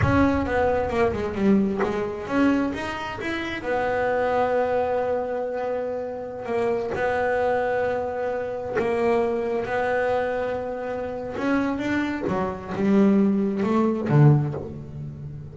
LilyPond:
\new Staff \with { instrumentName = "double bass" } { \time 4/4 \tempo 4 = 132 cis'4 b4 ais8 gis8 g4 | gis4 cis'4 dis'4 e'4 | b1~ | b2~ b16 ais4 b8.~ |
b2.~ b16 ais8.~ | ais4~ ais16 b2~ b8.~ | b4 cis'4 d'4 fis4 | g2 a4 d4 | }